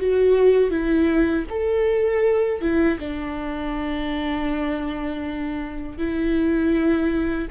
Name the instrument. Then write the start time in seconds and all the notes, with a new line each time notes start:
viola
0.00 F#4
0.70 E4
1.50 A4
2.61 E4
2.99 D4
5.98 E4